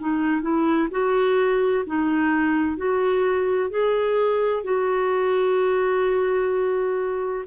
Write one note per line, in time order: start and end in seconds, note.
0.00 0.42 D#4
0.42 0.89 E4
0.91 1.85 F#4
1.86 2.77 D#4
2.77 3.70 F#4
3.70 4.64 G#4
4.64 7.45 F#4